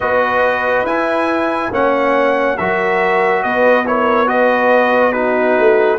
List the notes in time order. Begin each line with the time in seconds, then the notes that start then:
0.00 B3 F#4 B4 D#5
0.84 E4 G#5
1.71 A#3 C#4 C#5 F#5
2.57 F#3 F#4 A#4 E5
3.42 B3 B4 D#5
3.85 E4 A#4 C#5
4.26 F#4 B4 D#5
5.12 D#4 F#4 B4
5.58 A3